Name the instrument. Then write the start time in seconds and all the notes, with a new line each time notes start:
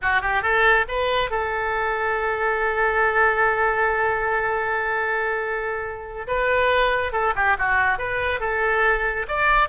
oboe
0.02 F#4
0.21 G4
0.42 A4
0.88 B4
1.30 A4
6.27 B4
7.12 A4
7.35 G4
7.58 F#4
7.98 B4
8.40 A4
9.27 D5